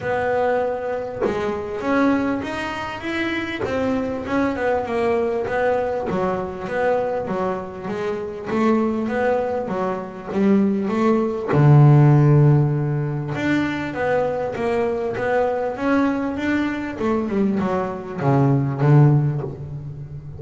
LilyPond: \new Staff \with { instrumentName = "double bass" } { \time 4/4 \tempo 4 = 99 b2 gis4 cis'4 | dis'4 e'4 c'4 cis'8 b8 | ais4 b4 fis4 b4 | fis4 gis4 a4 b4 |
fis4 g4 a4 d4~ | d2 d'4 b4 | ais4 b4 cis'4 d'4 | a8 g8 fis4 cis4 d4 | }